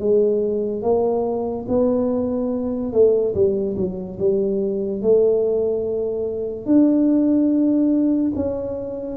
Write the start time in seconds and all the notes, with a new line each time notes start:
0.00 G#3
0.83 A#3
1.69 B3
2.93 A3
3.35 G3
3.77 F#3
4.20 G3
5.02 A3
6.66 D4
8.36 C#4